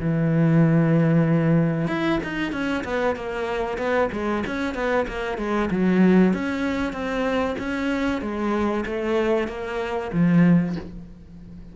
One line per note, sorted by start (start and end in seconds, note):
0.00 1.87 E3
1.87 2.19 E4
2.23 2.52 D#4
2.52 2.84 C#4
2.84 3.16 B3
3.16 3.78 A#3
3.78 4.09 B3
4.12 4.44 G#3
4.47 4.75 C#4
4.75 5.06 B3
5.08 5.38 A#3
5.38 5.69 G#3
5.71 6.33 F#3
6.33 6.93 C#4
6.93 7.56 C4
7.59 8.22 C#4
8.22 8.85 G#3
8.86 9.48 A3
9.48 10.11 A#3
10.13 10.76 F3